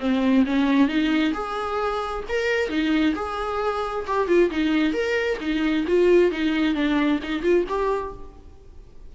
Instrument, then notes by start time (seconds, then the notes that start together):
viola
0.00 C4
0.46 C#4
0.88 D#4
1.34 G#4
2.29 A#4
2.69 D#4
3.16 G#4
4.07 G4
4.28 F4
4.51 D#4
4.93 A#4
5.41 D#4
5.87 F4
6.31 D#4
6.75 D4
7.23 D#4
7.43 F4
7.68 G4